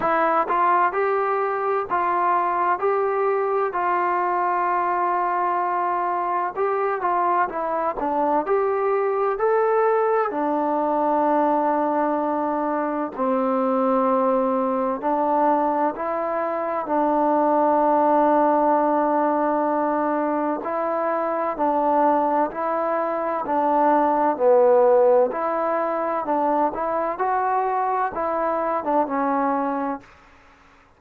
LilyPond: \new Staff \with { instrumentName = "trombone" } { \time 4/4 \tempo 4 = 64 e'8 f'8 g'4 f'4 g'4 | f'2. g'8 f'8 | e'8 d'8 g'4 a'4 d'4~ | d'2 c'2 |
d'4 e'4 d'2~ | d'2 e'4 d'4 | e'4 d'4 b4 e'4 | d'8 e'8 fis'4 e'8. d'16 cis'4 | }